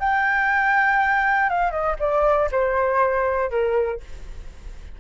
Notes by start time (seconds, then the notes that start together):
0.00 G5
1.50 F5
1.71 D#5
2.00 D5
2.51 C5
3.50 A#4